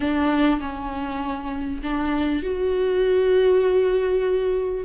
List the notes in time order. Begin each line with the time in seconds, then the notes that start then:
0.00 D4
0.60 C#4
1.82 D4
2.42 F#4